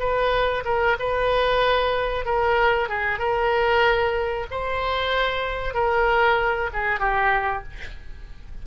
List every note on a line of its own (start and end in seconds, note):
0.00 0.64 B4
0.65 0.97 A#4
1.00 2.25 B4
2.25 2.89 A#4
2.89 3.19 G#4
3.19 4.47 A#4
4.51 5.74 C5
5.74 6.70 A#4
6.73 7.00 G#4
7.00 7.64 G4